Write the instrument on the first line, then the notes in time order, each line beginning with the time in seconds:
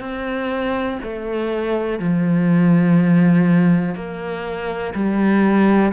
cello
0.00 C4
1.03 A3
1.99 F3
3.95 A#3
4.94 G3